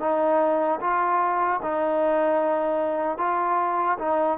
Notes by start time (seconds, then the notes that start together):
0.00 D#4
0.81 F4
1.63 D#4
3.18 F4
3.99 D#4